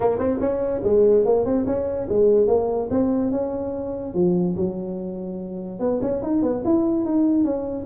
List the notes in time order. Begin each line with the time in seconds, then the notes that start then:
0.00 A#3
0.19 C4
0.40 C#4
0.83 G#3
1.25 A#3
1.45 C4
1.66 C#4
2.09 G#3
2.47 A#3
2.90 C4
3.31 C#4
4.14 F3
4.56 F#3
5.79 B3
6.01 C#4
6.22 D#4
6.42 B3
6.64 E4
7.05 D#4
7.44 C#4